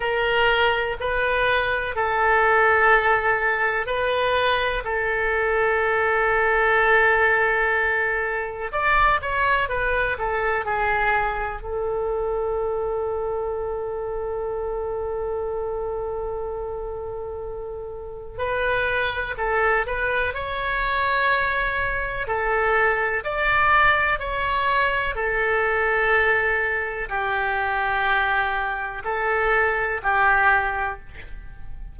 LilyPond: \new Staff \with { instrumentName = "oboe" } { \time 4/4 \tempo 4 = 62 ais'4 b'4 a'2 | b'4 a'2.~ | a'4 d''8 cis''8 b'8 a'8 gis'4 | a'1~ |
a'2. b'4 | a'8 b'8 cis''2 a'4 | d''4 cis''4 a'2 | g'2 a'4 g'4 | }